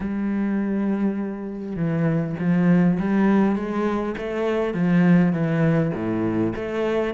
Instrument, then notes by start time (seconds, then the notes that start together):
cello
0.00 G3
1.76 E3
2.39 F3
2.99 G3
3.55 G#3
4.17 A3
4.74 F3
5.32 E3
5.94 A2
6.55 A3